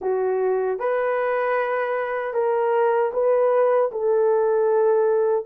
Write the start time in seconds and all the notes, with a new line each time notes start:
0.01 F#4
0.79 B4
2.33 A#4
3.13 B4
3.91 A4